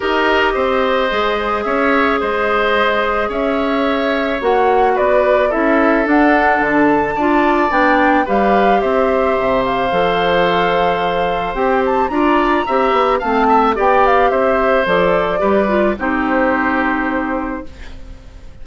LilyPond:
<<
  \new Staff \with { instrumentName = "flute" } { \time 4/4 \tempo 4 = 109 dis''2. e''4 | dis''2 e''2 | fis''4 d''4 e''4 fis''4 | a''2 g''4 f''4 |
e''4. f''2~ f''8~ | f''4 g''8 a''8 ais''2 | a''4 g''8 f''8 e''4 d''4~ | d''4 c''2. | }
  \new Staff \with { instrumentName = "oboe" } { \time 4/4 ais'4 c''2 cis''4 | c''2 cis''2~ | cis''4 b'4 a'2~ | a'4 d''2 b'4 |
c''1~ | c''2 d''4 e''4 | f''8 e''8 d''4 c''2 | b'4 g'2. | }
  \new Staff \with { instrumentName = "clarinet" } { \time 4/4 g'2 gis'2~ | gis'1 | fis'2 e'4 d'4~ | d'4 f'4 d'4 g'4~ |
g'2 a'2~ | a'4 g'4 f'4 g'4 | c'4 g'2 a'4 | g'8 f'8 dis'2. | }
  \new Staff \with { instrumentName = "bassoon" } { \time 4/4 dis'4 c'4 gis4 cis'4 | gis2 cis'2 | ais4 b4 cis'4 d'4 | d4 d'4 b4 g4 |
c'4 c4 f2~ | f4 c'4 d'4 c'8 b8 | a4 b4 c'4 f4 | g4 c'2. | }
>>